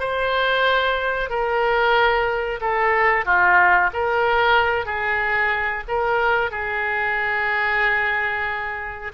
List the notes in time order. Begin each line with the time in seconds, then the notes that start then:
0.00 C5
1.30 A#4
2.61 A4
3.25 F4
3.93 A#4
4.86 G#4
5.88 A#4
6.51 G#4